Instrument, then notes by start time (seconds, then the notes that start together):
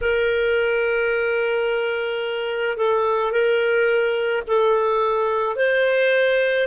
clarinet
0.01 A#4
2.77 A4
3.31 A#4
4.47 A4
5.56 C5